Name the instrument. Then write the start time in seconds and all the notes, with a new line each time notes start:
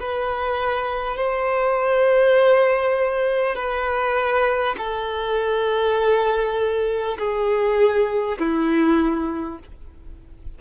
violin
0.00 B4
1.17 C5
3.56 B4
4.78 A4
7.18 G#4
8.38 E4